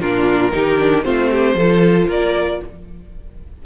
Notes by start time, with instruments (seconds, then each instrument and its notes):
0.00 cello A#2, viola D4, violin F4 A#4
0.52 cello D#3, viola D#4, violin G4
0.78 viola D4
1.03 cello A3, viola C4, violin F4 C5
1.31 violin G4
1.54 cello F3, violin A4
1.61 viola F4
2.07 cello A#3, violin A#4 D5